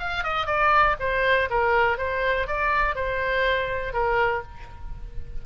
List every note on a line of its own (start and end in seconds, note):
0.00 0.24 F5
0.24 0.47 D#5
0.47 0.96 D5
1.00 1.49 C5
1.51 1.98 A#4
1.98 2.47 C5
2.47 2.95 D5
2.95 3.94 C5
3.94 4.43 A#4